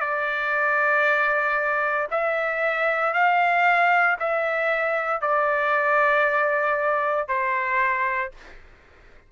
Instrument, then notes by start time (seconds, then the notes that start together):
trumpet
0.00 D5
2.11 E5
3.13 F5
4.19 E5
5.21 D5
7.28 C5